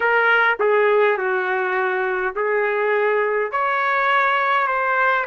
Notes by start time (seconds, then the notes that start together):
0.00 A#4
0.59 G#4
1.17 F#4
2.35 G#4
3.51 C#5
4.67 C5